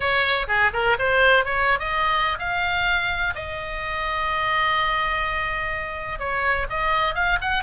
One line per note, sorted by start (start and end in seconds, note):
0.00 0.46 C#5
0.47 0.71 G#4
0.73 0.97 A#4
0.98 1.44 C5
1.44 1.79 C#5
1.79 2.38 D#5
2.38 3.34 F5
3.35 6.19 D#5
6.19 6.66 C#5
6.69 7.15 D#5
7.15 7.38 F5
7.41 7.63 F#5